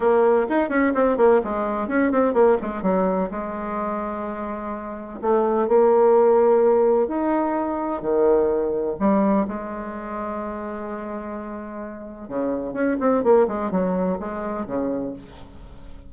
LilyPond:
\new Staff \with { instrumentName = "bassoon" } { \time 4/4 \tempo 4 = 127 ais4 dis'8 cis'8 c'8 ais8 gis4 | cis'8 c'8 ais8 gis8 fis4 gis4~ | gis2. a4 | ais2. dis'4~ |
dis'4 dis2 g4 | gis1~ | gis2 cis4 cis'8 c'8 | ais8 gis8 fis4 gis4 cis4 | }